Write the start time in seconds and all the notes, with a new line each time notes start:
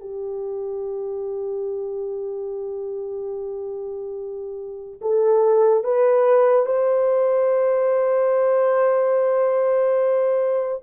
0.00 G4
5.01 A4
5.84 B4
6.65 C5